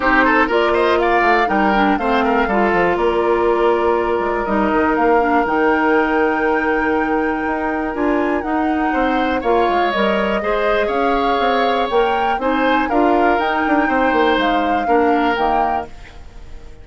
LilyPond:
<<
  \new Staff \with { instrumentName = "flute" } { \time 4/4 \tempo 4 = 121 c''4 d''8 dis''8 f''4 g''4 | f''2 d''2~ | d''4 dis''4 f''4 g''4~ | g''1 |
gis''4 fis''2 f''4 | dis''2 f''2 | g''4 gis''4 f''4 g''4~ | g''4 f''2 g''4 | }
  \new Staff \with { instrumentName = "oboe" } { \time 4/4 g'8 a'8 ais'8 c''8 d''4 ais'4 | c''8 ais'8 a'4 ais'2~ | ais'1~ | ais'1~ |
ais'2 c''4 cis''4~ | cis''4 c''4 cis''2~ | cis''4 c''4 ais'2 | c''2 ais'2 | }
  \new Staff \with { instrumentName = "clarinet" } { \time 4/4 dis'4 f'2 dis'8 d'8 | c'4 f'2.~ | f'4 dis'4. d'8 dis'4~ | dis'1 |
f'4 dis'2 f'4 | ais'4 gis'2. | ais'4 dis'4 f'4 dis'4~ | dis'2 d'4 ais4 | }
  \new Staff \with { instrumentName = "bassoon" } { \time 4/4 c'4 ais4. a8 g4 | a4 g8 f8 ais2~ | ais8 gis8 g8 dis8 ais4 dis4~ | dis2. dis'4 |
d'4 dis'4 c'4 ais8 gis8 | g4 gis4 cis'4 c'4 | ais4 c'4 d'4 dis'8 d'8 | c'8 ais8 gis4 ais4 dis4 | }
>>